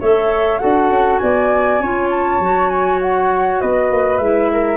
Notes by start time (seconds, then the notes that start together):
0.00 A3 A4 C#5 E5
0.58 D4 F#4 A4 F#5
0.90 C#4
1.18 B3 D5 G#5
1.80 C#4 F4 C#5
2.10 A5
2.40 F#3 F#4
2.69 G#5
3.02 F#5
3.60 B3 B4 D#5
3.91 A#3
4.18 G#3 E4 E5
4.52 A#4